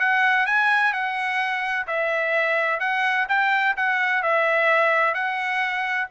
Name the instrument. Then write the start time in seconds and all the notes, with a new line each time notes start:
trumpet
0.00 F#5
0.47 G#5
0.93 F#5
1.87 E5
2.80 F#5
3.29 G5
3.77 F#5
4.23 E5
5.15 F#5